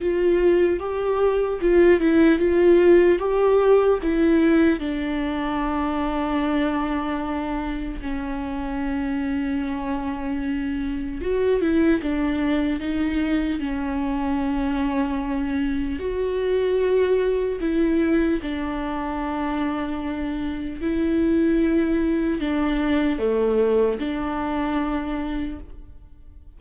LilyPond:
\new Staff \with { instrumentName = "viola" } { \time 4/4 \tempo 4 = 75 f'4 g'4 f'8 e'8 f'4 | g'4 e'4 d'2~ | d'2 cis'2~ | cis'2 fis'8 e'8 d'4 |
dis'4 cis'2. | fis'2 e'4 d'4~ | d'2 e'2 | d'4 a4 d'2 | }